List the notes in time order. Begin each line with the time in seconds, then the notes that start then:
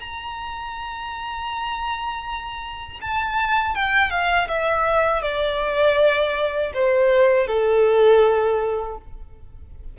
0.00 A#5
3.01 A5
3.75 G5
4.10 F5
4.48 E5
5.22 D5
6.74 C5
7.47 A4